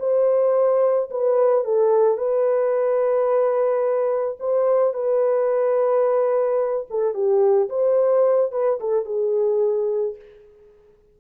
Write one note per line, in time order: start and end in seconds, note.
0.00 1.10 C5
1.11 1.65 B4
1.65 2.18 A4
2.18 4.38 B4
4.40 4.94 C5
4.94 6.87 B4
6.91 7.14 A4
7.14 7.69 G4
7.70 8.52 C5
8.52 8.80 B4
8.81 9.06 A4
9.06 10.16 G#4